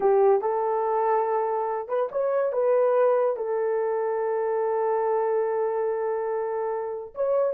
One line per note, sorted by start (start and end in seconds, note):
0.00 0.41 G4
0.41 1.88 A4
1.88 2.09 B4
2.11 2.52 C#5
2.52 3.36 B4
3.36 7.14 A4
7.14 7.53 C#5